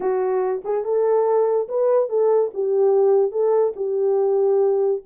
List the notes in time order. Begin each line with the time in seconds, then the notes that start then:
0.00 F#4
0.64 G#4
0.84 A4
1.68 B4
2.09 A4
2.54 G4
3.31 A4
3.76 G4